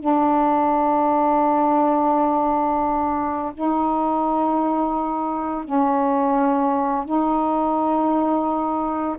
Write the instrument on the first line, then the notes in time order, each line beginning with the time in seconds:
saxophone
0.00 D4
3.55 D#4
5.65 C#4
7.05 D#4